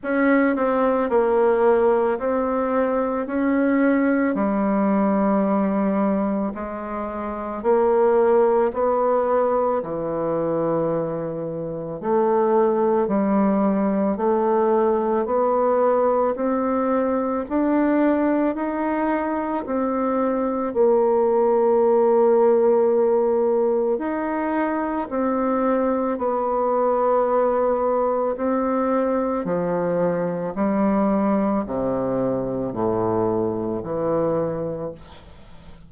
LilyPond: \new Staff \with { instrumentName = "bassoon" } { \time 4/4 \tempo 4 = 55 cis'8 c'8 ais4 c'4 cis'4 | g2 gis4 ais4 | b4 e2 a4 | g4 a4 b4 c'4 |
d'4 dis'4 c'4 ais4~ | ais2 dis'4 c'4 | b2 c'4 f4 | g4 c4 a,4 e4 | }